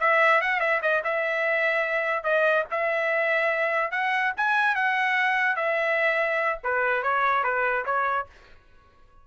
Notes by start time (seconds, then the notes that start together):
0.00 E5
0.41 F#5
0.60 E5
0.82 D#5
1.04 E5
2.24 D#5
2.71 E5
3.91 F#5
4.37 G#5
4.75 F#5
5.56 E5
6.64 B4
7.03 C#5
7.44 B4
7.85 C#5